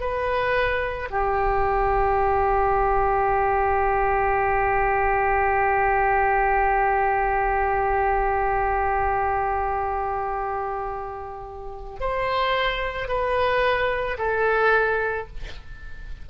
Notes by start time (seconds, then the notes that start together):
0.00 B4
1.11 G4
12.00 C5
13.08 B4
14.18 A4